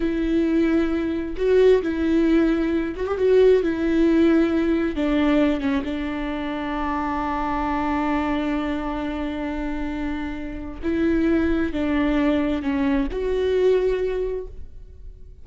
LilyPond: \new Staff \with { instrumentName = "viola" } { \time 4/4 \tempo 4 = 133 e'2. fis'4 | e'2~ e'8 fis'16 g'16 fis'4 | e'2. d'4~ | d'8 cis'8 d'2.~ |
d'1~ | d'1 | e'2 d'2 | cis'4 fis'2. | }